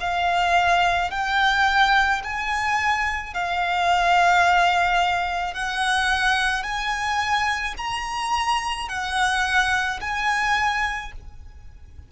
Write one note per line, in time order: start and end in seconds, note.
0.00 1.11 F5
1.11 2.22 G5
2.23 3.33 G#5
3.33 5.54 F5
5.54 6.63 F#5
6.63 7.74 G#5
7.77 8.88 A#5
8.88 9.99 F#5
10.01 11.12 G#5